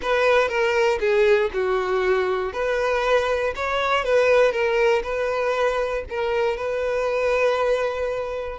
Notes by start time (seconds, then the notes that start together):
0.02 B4
0.48 A#4
0.99 G#4
1.53 F#4
2.53 B4
3.55 C#5
4.04 B4
4.52 A#4
5.03 B4
6.09 A#4
6.57 B4